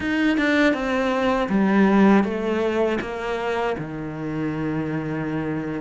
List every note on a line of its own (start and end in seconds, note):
0.00 0.38 D#4
0.38 0.73 D4
0.73 1.48 C4
1.49 2.23 G3
2.23 2.98 A3
3.00 3.75 A#3
3.77 5.81 D#3